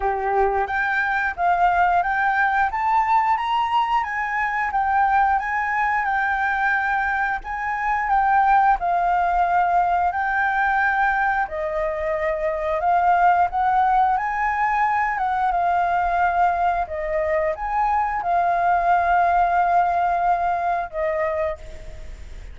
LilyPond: \new Staff \with { instrumentName = "flute" } { \time 4/4 \tempo 4 = 89 g'4 g''4 f''4 g''4 | a''4 ais''4 gis''4 g''4 | gis''4 g''2 gis''4 | g''4 f''2 g''4~ |
g''4 dis''2 f''4 | fis''4 gis''4. fis''8 f''4~ | f''4 dis''4 gis''4 f''4~ | f''2. dis''4 | }